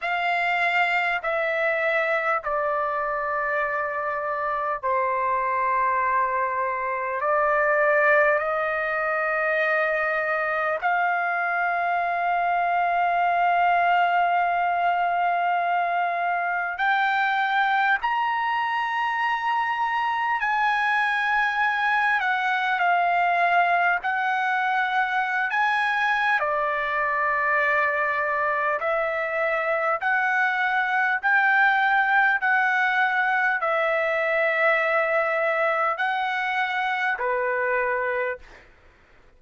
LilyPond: \new Staff \with { instrumentName = "trumpet" } { \time 4/4 \tempo 4 = 50 f''4 e''4 d''2 | c''2 d''4 dis''4~ | dis''4 f''2.~ | f''2 g''4 ais''4~ |
ais''4 gis''4. fis''8 f''4 | fis''4~ fis''16 gis''8. d''2 | e''4 fis''4 g''4 fis''4 | e''2 fis''4 b'4 | }